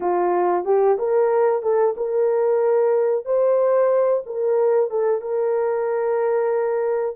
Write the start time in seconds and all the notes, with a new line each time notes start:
0.00 F4
0.64 G4
0.98 A#4
1.62 A4
1.96 A#4
3.25 C5
4.26 A#4
4.90 A4
5.21 A#4